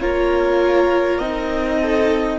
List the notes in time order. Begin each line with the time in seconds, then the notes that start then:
0.00 A#3 F4 A#4 C#5
1.19 C4 D#4 D#5
1.80 A4